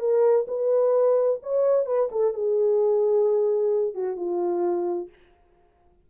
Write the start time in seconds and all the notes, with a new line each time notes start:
0.00 A#4
0.48 B4
1.43 C#5
1.87 B4
2.12 A4
2.34 G#4
3.95 F#4
4.17 F4